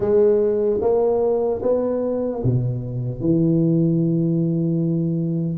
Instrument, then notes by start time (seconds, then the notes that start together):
tuba
0.00 G#3
0.81 A#3
1.62 B3
2.43 B2
3.20 E3